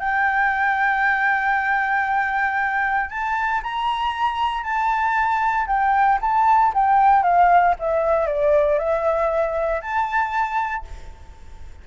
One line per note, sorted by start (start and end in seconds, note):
0.00 3.10 G5
3.10 3.62 A5
3.63 4.63 A#5
4.63 5.67 A5
5.67 6.19 G5
6.22 6.73 A5
6.74 7.23 G5
7.23 7.75 F5
7.80 8.27 E5
8.27 8.79 D5
8.79 9.82 E5
9.82 10.85 A5